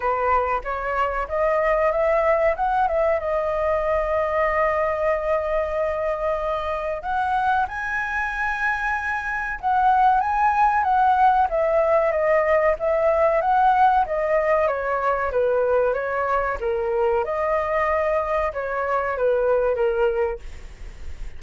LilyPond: \new Staff \with { instrumentName = "flute" } { \time 4/4 \tempo 4 = 94 b'4 cis''4 dis''4 e''4 | fis''8 e''8 dis''2.~ | dis''2. fis''4 | gis''2. fis''4 |
gis''4 fis''4 e''4 dis''4 | e''4 fis''4 dis''4 cis''4 | b'4 cis''4 ais'4 dis''4~ | dis''4 cis''4 b'4 ais'4 | }